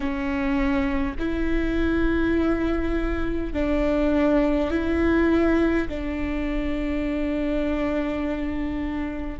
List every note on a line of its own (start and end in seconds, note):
0.00 1.16 C#4
1.18 3.53 E4
3.53 4.70 D4
4.70 5.88 E4
5.88 9.39 D4